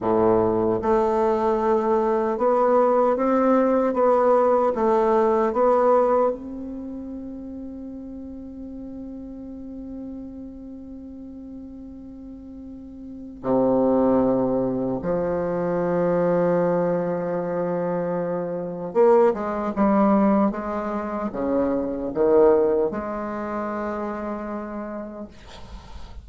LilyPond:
\new Staff \with { instrumentName = "bassoon" } { \time 4/4 \tempo 4 = 76 a,4 a2 b4 | c'4 b4 a4 b4 | c'1~ | c'1~ |
c'4 c2 f4~ | f1 | ais8 gis8 g4 gis4 cis4 | dis4 gis2. | }